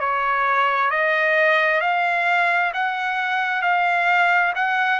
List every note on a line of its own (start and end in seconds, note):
0.00 0.90 C#5
0.90 1.81 D#5
1.81 2.72 F5
2.74 3.62 F#5
3.62 4.53 F5
4.55 5.00 F#5